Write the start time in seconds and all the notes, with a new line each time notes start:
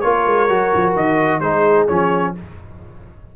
0.00 A#3 F4 A#4 C#5
0.26 G#3
0.49 F#3 F#4
0.74 F3
0.95 D#3 D#5
1.40 G#3 D#4 G#4 C5
1.88 F3 C#4 C#5